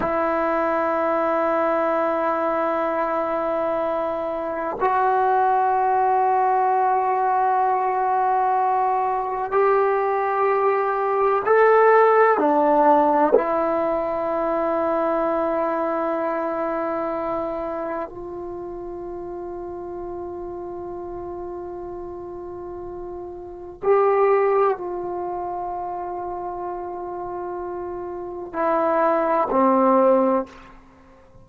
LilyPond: \new Staff \with { instrumentName = "trombone" } { \time 4/4 \tempo 4 = 63 e'1~ | e'4 fis'2.~ | fis'2 g'2 | a'4 d'4 e'2~ |
e'2. f'4~ | f'1~ | f'4 g'4 f'2~ | f'2 e'4 c'4 | }